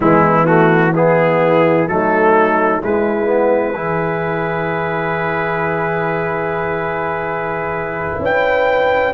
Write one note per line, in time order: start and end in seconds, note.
0.00 1.87 E3
0.00 0.46 G#3
0.00 0.95 B3
0.00 0.46 E4
0.46 0.92 A3
0.46 0.93 F#4
0.95 1.88 B3
0.95 1.88 E4
0.95 1.88 G#4
1.87 2.81 F#3
1.87 2.82 A3
1.87 2.81 D#4
1.87 2.81 A4
2.81 3.26 G#3
2.81 3.74 G#3
2.81 3.73 E4
2.81 8.23 B4
3.26 3.73 B3
3.73 8.19 E3
3.73 9.13 E4
3.73 8.19 G#4
8.19 9.12 C#4
8.19 9.13 B4
8.19 9.13 G5